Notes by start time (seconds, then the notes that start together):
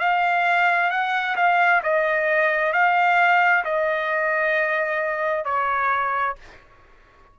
0.00 F5
0.90 F#5
1.36 F5
1.83 D#5
2.73 F5
3.65 D#5
5.45 C#5